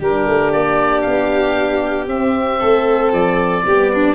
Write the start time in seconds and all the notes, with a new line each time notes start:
0.00 G3 D4 G4 A#4
0.28 A3
0.53 A#3 D5
1.02 B3 F5
2.08 C4 E5
2.60 A3 A4
3.12 F3 D5
3.66 G3 B3 G4
3.94 D4